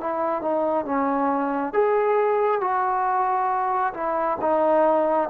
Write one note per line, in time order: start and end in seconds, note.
0.00 0.41 E4
0.41 0.85 D#4
0.85 1.72 C#4
1.72 2.60 G#4
2.60 3.93 F#4
3.93 4.37 E4
4.41 5.29 D#4